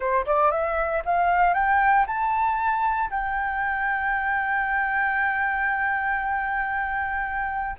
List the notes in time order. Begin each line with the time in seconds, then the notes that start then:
0.00 C5
0.26 D5
0.51 E5
1.05 F5
1.54 G5
2.06 A5
3.10 G5